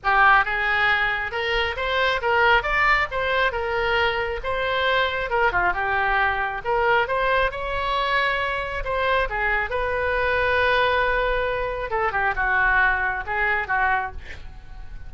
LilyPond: \new Staff \with { instrumentName = "oboe" } { \time 4/4 \tempo 4 = 136 g'4 gis'2 ais'4 | c''4 ais'4 d''4 c''4 | ais'2 c''2 | ais'8 f'8 g'2 ais'4 |
c''4 cis''2. | c''4 gis'4 b'2~ | b'2. a'8 g'8 | fis'2 gis'4 fis'4 | }